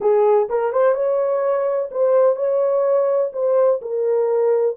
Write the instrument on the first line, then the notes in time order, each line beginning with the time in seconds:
horn
0.00 G#4
0.49 A#4
0.72 C5
0.94 C#5
1.91 C5
2.36 C#5
3.32 C5
3.81 A#4